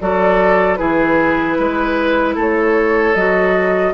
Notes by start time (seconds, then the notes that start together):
0.00 F#3 F#4 A4 D5
0.75 E3 E4 G#4 B4
1.58 G#3 B4
2.35 A3 A4 C#5
3.15 F#3 F#4 D#5